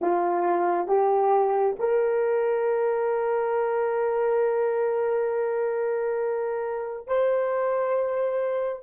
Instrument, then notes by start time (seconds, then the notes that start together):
horn
0.01 F4
0.87 G4
1.79 A#4
7.07 C5